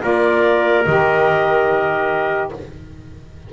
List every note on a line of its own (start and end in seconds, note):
0.00 0.86 A#3
0.00 0.83 F4
0.00 2.50 A#4
0.00 0.84 D5
0.84 2.51 D#3
0.84 2.52 G4
0.84 2.50 D#5